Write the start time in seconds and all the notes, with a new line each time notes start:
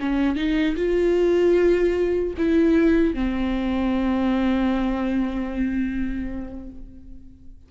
0.00 C#4
0.36 D#4
0.76 F4
2.38 E4
3.14 C4